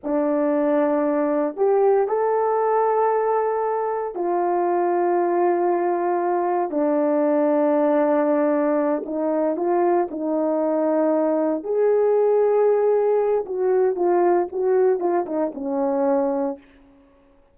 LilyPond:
\new Staff \with { instrumentName = "horn" } { \time 4/4 \tempo 4 = 116 d'2. g'4 | a'1 | f'1~ | f'4 d'2.~ |
d'4. dis'4 f'4 dis'8~ | dis'2~ dis'8 gis'4.~ | gis'2 fis'4 f'4 | fis'4 f'8 dis'8 cis'2 | }